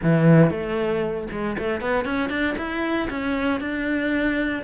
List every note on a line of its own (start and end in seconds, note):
0.02 0.50 E3
0.50 1.27 A3
1.31 1.56 G#3
1.58 1.80 A3
1.80 2.04 B3
2.04 2.29 C#4
2.29 2.55 D4
2.57 3.09 E4
3.10 3.60 C#4
3.60 4.62 D4